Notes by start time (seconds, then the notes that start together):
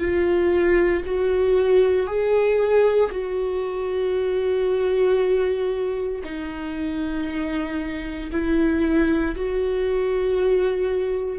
0.00 F4
1.06 F#4
2.07 G#4
3.12 F#4
6.24 D#4
8.32 E4
9.36 F#4